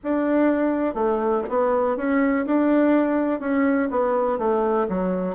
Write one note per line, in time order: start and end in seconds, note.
0.03 0.94 D4
0.94 1.43 A3
1.49 1.96 B3
1.96 2.45 C#4
2.45 3.39 D4
3.39 3.88 C#4
3.90 4.38 B3
4.38 4.87 A3
4.88 5.35 F#3